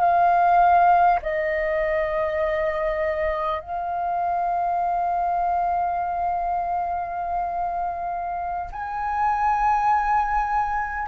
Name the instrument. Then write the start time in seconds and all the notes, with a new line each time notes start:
flute
0.00 F5
1.22 D#5
3.61 F5
8.72 G#5